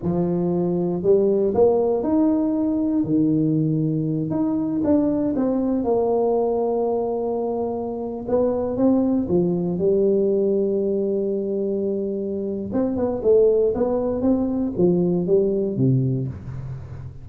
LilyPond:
\new Staff \with { instrumentName = "tuba" } { \time 4/4 \tempo 4 = 118 f2 g4 ais4 | dis'2 dis2~ | dis8 dis'4 d'4 c'4 ais8~ | ais1~ |
ais16 b4 c'4 f4 g8.~ | g1~ | g4 c'8 b8 a4 b4 | c'4 f4 g4 c4 | }